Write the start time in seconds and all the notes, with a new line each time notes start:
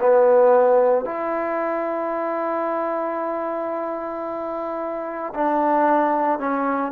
0.00 B3
1.05 E4
5.34 D4
6.39 C#4